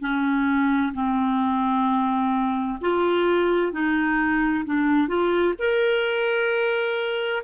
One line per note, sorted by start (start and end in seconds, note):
0.00 0.92 C#4
0.94 2.78 C4
2.81 3.72 F4
3.72 4.64 D#4
4.65 5.08 D4
5.08 5.54 F4
5.58 7.43 A#4